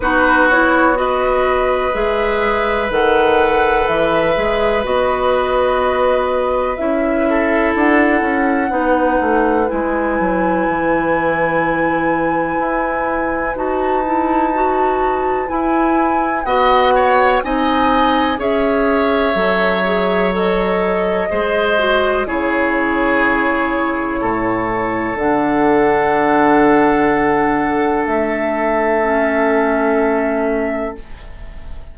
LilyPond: <<
  \new Staff \with { instrumentName = "flute" } { \time 4/4 \tempo 4 = 62 b'8 cis''8 dis''4 e''4 fis''4 | e''4 dis''2 e''4 | fis''2 gis''2~ | gis''2 a''2 |
gis''4 fis''4 gis''4 e''4~ | e''4 dis''2 cis''4~ | cis''2 fis''2~ | fis''4 e''2. | }
  \new Staff \with { instrumentName = "oboe" } { \time 4/4 fis'4 b'2.~ | b'2.~ b'8 a'8~ | a'4 b'2.~ | b'1~ |
b'4 dis''8 cis''8 dis''4 cis''4~ | cis''2 c''4 gis'4~ | gis'4 a'2.~ | a'1 | }
  \new Staff \with { instrumentName = "clarinet" } { \time 4/4 dis'8 e'8 fis'4 gis'4 a'4~ | a'8 gis'8 fis'2 e'4~ | e'4 dis'4 e'2~ | e'2 fis'8 e'8 fis'4 |
e'4 fis'4 dis'4 gis'4 | a'8 gis'8 a'4 gis'8 fis'8 e'4~ | e'2 d'2~ | d'2 cis'2 | }
  \new Staff \with { instrumentName = "bassoon" } { \time 4/4 b2 gis4 dis4 | e8 gis8 b2 cis'4 | d'8 cis'8 b8 a8 gis8 fis8 e4~ | e4 e'4 dis'2 |
e'4 b4 c'4 cis'4 | fis2 gis4 cis4~ | cis4 a,4 d2~ | d4 a2. | }
>>